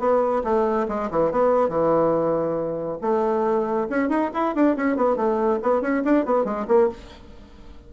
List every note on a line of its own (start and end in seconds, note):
0.00 0.43 B3
0.45 0.88 A3
0.89 1.10 G#3
1.11 1.32 E3
1.32 1.69 B3
1.69 2.99 E3
3.02 3.88 A3
3.90 4.09 C#4
4.09 4.31 D#4
4.34 4.56 E4
4.56 4.77 D4
4.77 4.97 C#4
4.97 5.17 B3
5.17 5.60 A3
5.63 5.82 B3
5.82 6.04 C#4
6.05 6.26 D4
6.26 6.45 B3
6.45 6.67 G#3
6.68 6.90 A#3